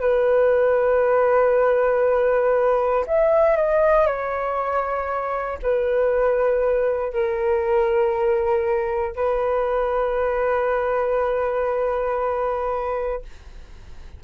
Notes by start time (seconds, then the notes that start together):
0.00 B4
3.06 E5
3.56 D#5
4.06 C#5
5.62 B4
7.13 A#4
9.15 B4